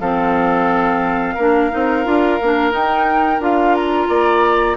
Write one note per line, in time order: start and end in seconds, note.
0.00 1.36 F3
0.00 1.37 C4
0.00 1.34 A4
0.00 2.73 F5
1.34 1.72 A#3
1.34 1.70 D4
1.34 4.07 A#4
1.70 2.06 C4
1.70 2.04 D#4
2.05 2.40 D4
2.05 2.39 F4
2.41 2.72 A#3
2.41 2.70 D4
2.70 3.38 D#4
2.70 3.39 D#4
2.70 3.42 G5
3.39 4.07 D4
3.39 4.76 F4
3.39 3.75 F5
3.75 4.76 A#5
4.09 4.76 A#3
4.09 4.76 D5